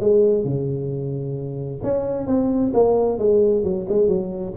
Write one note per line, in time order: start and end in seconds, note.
0.00 0.44 G#3
0.44 1.81 C#3
1.83 2.27 C#4
2.27 2.73 C4
2.74 3.18 A#3
3.18 3.64 G#3
3.64 3.86 F#3
3.89 4.08 G#3
4.08 4.54 F#3